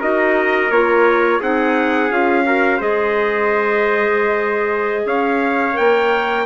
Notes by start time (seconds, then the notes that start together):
0.00 D#4 F#4 A#4 D#5
0.70 A#3 F4 C#5
1.40 C4 D#4 G#4 F#5
2.10 C#4 F4 F5
2.44 F#4 A#4
2.77 G#3 G#4 C5 D#5
5.05 C#4 C#5 F5
5.73 A#3 A#4 G5